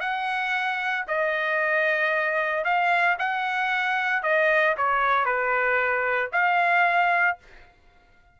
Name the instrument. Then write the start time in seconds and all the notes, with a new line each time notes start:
trumpet
0.00 F#5
1.07 D#5
2.64 F5
3.19 F#5
4.23 D#5
4.77 C#5
5.25 B4
6.33 F5